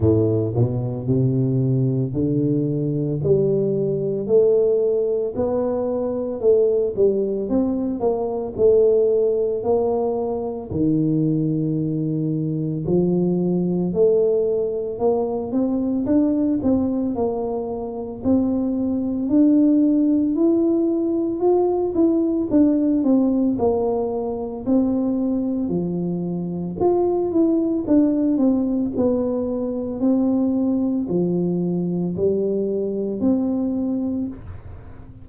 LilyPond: \new Staff \with { instrumentName = "tuba" } { \time 4/4 \tempo 4 = 56 a,8 b,8 c4 d4 g4 | a4 b4 a8 g8 c'8 ais8 | a4 ais4 dis2 | f4 a4 ais8 c'8 d'8 c'8 |
ais4 c'4 d'4 e'4 | f'8 e'8 d'8 c'8 ais4 c'4 | f4 f'8 e'8 d'8 c'8 b4 | c'4 f4 g4 c'4 | }